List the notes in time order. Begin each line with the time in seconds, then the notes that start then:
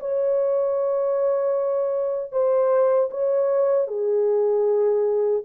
0.00 C#5
2.32 C5
3.11 C#5
3.87 G#4